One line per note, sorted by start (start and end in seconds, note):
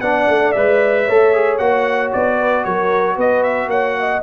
0.00 0.27 B3
0.00 0.55 D4
0.00 1.04 D5
0.00 0.52 F#5
0.27 0.54 A3
0.52 1.08 G#3
0.52 1.08 B4
0.52 1.57 E5
1.04 1.59 A3
1.04 1.34 A4
1.04 2.35 C#5
1.34 1.59 G#4
1.58 2.12 A#3
1.58 4.22 F#4
1.58 2.10 F#5
2.12 2.65 B3
2.12 2.64 D5
2.38 2.65 B4
2.64 3.17 F#3
2.64 3.15 A#4
2.64 3.16 C#5
3.15 3.67 B3
3.15 3.68 B4
3.15 3.43 D#5
3.43 3.69 E5
3.67 4.19 A#3
3.67 3.96 C#5
3.67 4.22 F#5
3.99 4.22 D#5